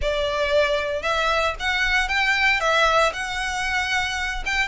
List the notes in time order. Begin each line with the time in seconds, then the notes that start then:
0.01 D5
1.02 E5
1.59 F#5
2.08 G5
2.60 E5
3.13 F#5
4.45 G5